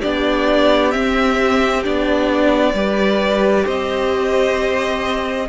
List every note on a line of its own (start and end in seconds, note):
0.00 0.95 B3
0.00 0.92 D4
0.00 2.73 G4
0.00 0.92 D5
0.92 1.83 C4
0.92 1.86 C4
0.92 1.83 E5
1.84 2.74 B3
1.84 2.75 D4
1.84 3.66 D5
2.74 3.65 G3
2.74 5.48 G4
2.74 3.65 B4
3.65 5.49 C4
3.65 5.47 C5
3.65 5.49 D#5